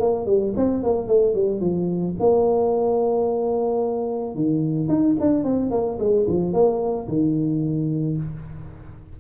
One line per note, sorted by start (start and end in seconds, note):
0.00 0.26 A#3
0.26 0.54 G3
0.57 0.83 C4
0.83 1.08 A#3
1.08 1.34 A3
1.34 1.60 G3
1.60 2.15 F3
2.20 4.35 A#3
4.35 4.89 D#3
4.89 5.16 D#4
5.20 5.44 D4
5.44 5.71 C4
5.71 5.98 A#3
5.99 6.27 G#3
6.27 6.53 F3
6.53 7.08 A#3
7.08 8.17 D#3